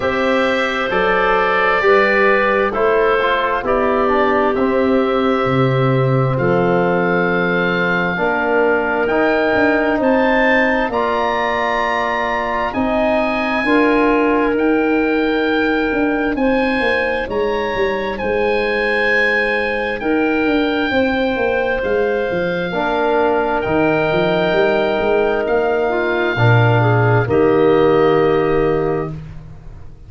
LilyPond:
<<
  \new Staff \with { instrumentName = "oboe" } { \time 4/4 \tempo 4 = 66 e''4 d''2 c''4 | d''4 e''2 f''4~ | f''2 g''4 a''4 | ais''2 gis''2 |
g''2 gis''4 ais''4 | gis''2 g''2 | f''2 g''2 | f''2 dis''2 | }
  \new Staff \with { instrumentName = "clarinet" } { \time 4/4 c''2 b'4 a'4 | g'2. a'4~ | a'4 ais'2 c''4 | d''2 dis''4 ais'4~ |
ais'2 c''4 cis''4 | c''2 ais'4 c''4~ | c''4 ais'2.~ | ais'8 f'8 ais'8 gis'8 g'2 | }
  \new Staff \with { instrumentName = "trombone" } { \time 4/4 g'4 a'4 g'4 e'8 f'8 | e'8 d'8 c'2.~ | c'4 d'4 dis'2 | f'2 dis'4 f'4 |
dis'1~ | dis'1~ | dis'4 d'4 dis'2~ | dis'4 d'4 ais2 | }
  \new Staff \with { instrumentName = "tuba" } { \time 4/4 c'4 fis4 g4 a4 | b4 c'4 c4 f4~ | f4 ais4 dis'8 d'8 c'4 | ais2 c'4 d'4 |
dis'4. d'8 c'8 ais8 gis8 g8 | gis2 dis'8 d'8 c'8 ais8 | gis8 f8 ais4 dis8 f8 g8 gis8 | ais4 ais,4 dis2 | }
>>